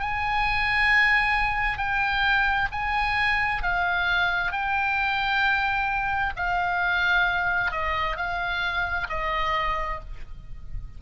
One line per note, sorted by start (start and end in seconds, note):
0.00 1.78 G#5
1.78 2.69 G5
2.72 3.63 G#5
3.63 4.52 F5
4.52 6.34 G5
6.37 7.71 F5
7.71 8.17 D#5
8.17 9.08 F5
9.10 10.00 D#5